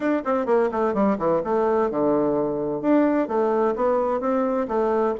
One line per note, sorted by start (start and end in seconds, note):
0.00 0.22 D4
0.25 0.46 C4
0.46 0.69 A#3
0.71 0.94 A3
0.94 1.17 G3
1.18 1.41 E3
1.43 1.90 A3
1.90 2.81 D3
2.81 3.27 D4
3.27 3.74 A3
3.75 4.20 B3
4.20 4.67 C4
4.68 5.15 A3